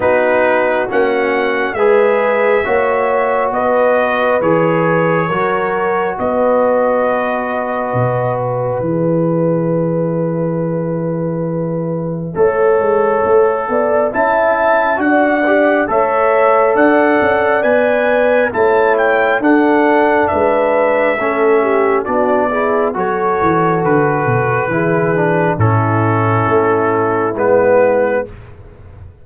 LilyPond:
<<
  \new Staff \with { instrumentName = "trumpet" } { \time 4/4 \tempo 4 = 68 b'4 fis''4 e''2 | dis''4 cis''2 dis''4~ | dis''4. e''2~ e''8~ | e''1 |
a''4 fis''4 e''4 fis''4 | gis''4 a''8 g''8 fis''4 e''4~ | e''4 d''4 cis''4 b'4~ | b'4 a'2 b'4 | }
  \new Staff \with { instrumentName = "horn" } { \time 4/4 fis'2 b'4 cis''4 | b'2 ais'4 b'4~ | b'1~ | b'2 cis''4. d''8 |
e''4 d''4 cis''4 d''4~ | d''4 cis''4 a'4 b'4 | a'8 g'8 fis'8 gis'8 a'2 | gis'4 e'2. | }
  \new Staff \with { instrumentName = "trombone" } { \time 4/4 dis'4 cis'4 gis'4 fis'4~ | fis'4 gis'4 fis'2~ | fis'2 gis'2~ | gis'2 a'2 |
e'4 fis'8 g'8 a'2 | b'4 e'4 d'2 | cis'4 d'8 e'8 fis'2 | e'8 d'8 cis'2 b4 | }
  \new Staff \with { instrumentName = "tuba" } { \time 4/4 b4 ais4 gis4 ais4 | b4 e4 fis4 b4~ | b4 b,4 e2~ | e2 a8 gis8 a8 b8 |
cis'4 d'4 a4 d'8 cis'8 | b4 a4 d'4 gis4 | a4 b4 fis8 e8 d8 b,8 | e4 a,4 a4 gis4 | }
>>